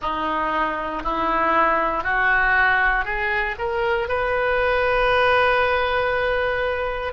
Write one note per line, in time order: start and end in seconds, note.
0.01 1.03 D#4
1.03 2.03 E4
2.03 3.05 F#4
3.05 3.55 G#4
3.58 4.08 A#4
4.08 7.13 B4